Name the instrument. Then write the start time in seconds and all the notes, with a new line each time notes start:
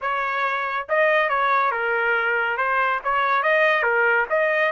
trumpet
0.01 C#5
0.88 D#5
1.29 C#5
1.71 A#4
2.57 C5
3.04 C#5
3.42 D#5
3.83 A#4
4.29 D#5